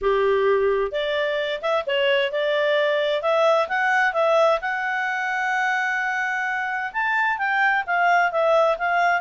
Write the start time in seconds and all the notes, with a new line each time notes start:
0.01 G4
0.91 D5
1.61 E5
1.86 C#5
2.31 D5
3.22 E5
3.68 F#5
4.13 E5
4.61 F#5
6.93 A5
7.38 G5
7.86 F5
8.31 E5
8.78 F5